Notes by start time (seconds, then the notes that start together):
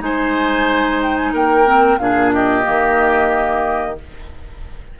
0.00 G#3 D#4 C5 G#5
1.02 G5
1.17 G#5
1.33 A#3 A#4 G5
1.66 C4
1.99 A#2 D4 G#4 F5
2.33 G4 D#5
2.63 D#3 A#3